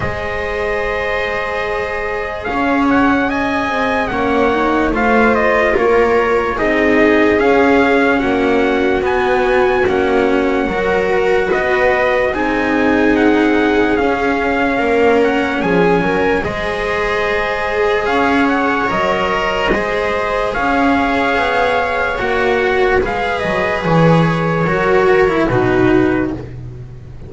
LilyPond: <<
  \new Staff \with { instrumentName = "trumpet" } { \time 4/4 \tempo 4 = 73 dis''2. f''8 fis''8 | gis''4 fis''4 f''8 dis''8 cis''4 | dis''4 f''4 fis''4 gis''4 | fis''2 dis''4 gis''4 |
fis''4 f''4. fis''8 gis''4 | dis''2 f''8 fis''8 dis''4~ | dis''4 f''2 fis''4 | f''8 dis''8 cis''2 b'4 | }
  \new Staff \with { instrumentName = "viola" } { \time 4/4 c''2. cis''4 | dis''4 cis''4 c''4 ais'4 | gis'2 fis'2~ | fis'4 ais'4 b'4 gis'4~ |
gis'2 ais'4 gis'8 ais'8 | c''2 cis''2 | c''4 cis''2. | b'2 ais'4 fis'4 | }
  \new Staff \with { instrumentName = "cello" } { \time 4/4 gis'1~ | gis'4 cis'8 dis'8 f'2 | dis'4 cis'2 b4 | cis'4 fis'2 dis'4~ |
dis'4 cis'2. | gis'2. ais'4 | gis'2. fis'4 | gis'2 fis'8. e'16 dis'4 | }
  \new Staff \with { instrumentName = "double bass" } { \time 4/4 gis2. cis'4~ | cis'8 c'8 ais4 a4 ais4 | c'4 cis'4 ais4 b4 | ais4 fis4 b4 c'4~ |
c'4 cis'4 ais4 f8 fis8 | gis2 cis'4 fis4 | gis4 cis'4 b4 ais4 | gis8 fis8 e4 fis4 b,4 | }
>>